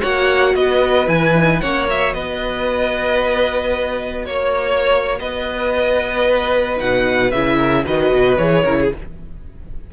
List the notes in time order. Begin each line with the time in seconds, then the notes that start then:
0.00 A#3 F#4 C#5 F#5
0.55 B3 B4 D#5
1.08 E3 E4 G#5
1.35 D#4
1.60 A#3 C#4 C#5 F#5
1.87 F#4 E5
2.14 B3 B4 D#5
4.26 A#3 C#5
5.19 B3 B4 D#5
6.77 B2 D#4 F#5
7.31 C#3 E4 E5
7.57 A#4
7.85 D#3 F#4 B4 D#5
8.12 B2
8.38 E3 G#4 C#5
8.63 C#3 E4 A#4
8.80 G#4